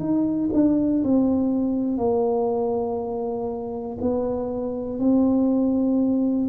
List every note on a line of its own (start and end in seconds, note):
0.00 0.50 D#4
0.54 1.04 D4
1.04 1.98 C4
1.98 3.98 A#3
4.01 5.00 B3
5.00 6.49 C4